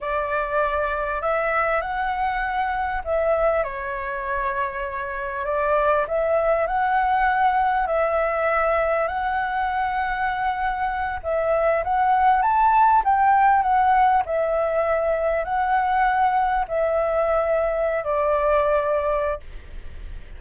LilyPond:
\new Staff \with { instrumentName = "flute" } { \time 4/4 \tempo 4 = 99 d''2 e''4 fis''4~ | fis''4 e''4 cis''2~ | cis''4 d''4 e''4 fis''4~ | fis''4 e''2 fis''4~ |
fis''2~ fis''8 e''4 fis''8~ | fis''8 a''4 g''4 fis''4 e''8~ | e''4. fis''2 e''8~ | e''4.~ e''16 d''2~ d''16 | }